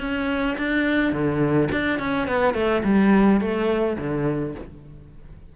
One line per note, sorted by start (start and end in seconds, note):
0.00 0.57 C#4
0.58 1.12 D4
1.12 1.69 D3
1.71 1.99 D4
1.99 2.27 C#4
2.27 2.54 B3
2.54 2.82 A3
2.84 3.40 G3
3.40 3.97 A3
3.98 4.55 D3